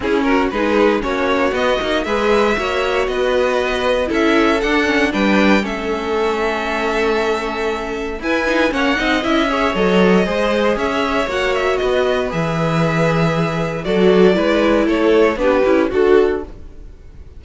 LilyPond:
<<
  \new Staff \with { instrumentName = "violin" } { \time 4/4 \tempo 4 = 117 gis'8 ais'8 b'4 cis''4 dis''4 | e''2 dis''2 | e''4 fis''4 g''4 e''4~ | e''1 |
gis''4 fis''4 e''4 dis''4~ | dis''4 e''4 fis''8 e''8 dis''4 | e''2. d''4~ | d''4 cis''4 b'4 a'4 | }
  \new Staff \with { instrumentName = "violin" } { \time 4/4 e'8 fis'8 gis'4 fis'2 | b'4 cis''4 b'2 | a'2 b'4 a'4~ | a'1 |
b'4 cis''8 dis''4 cis''4. | c''4 cis''2 b'4~ | b'2. a'4 | b'4 a'4 g'4 fis'4 | }
  \new Staff \with { instrumentName = "viola" } { \time 4/4 cis'4 dis'4 cis'4 b8 dis'8 | gis'4 fis'2. | e'4 d'8 cis'8 d'4 cis'4~ | cis'1 |
e'8 dis'8 cis'8 dis'8 e'8 gis'8 a'4 | gis'2 fis'2 | gis'2. fis'4 | e'2 d'8 e'8 fis'4 | }
  \new Staff \with { instrumentName = "cello" } { \time 4/4 cis'4 gis4 ais4 b8 ais8 | gis4 ais4 b2 | cis'4 d'4 g4 a4~ | a1 |
e'4 ais8 c'8 cis'4 fis4 | gis4 cis'4 ais4 b4 | e2. fis4 | gis4 a4 b8 cis'8 d'4 | }
>>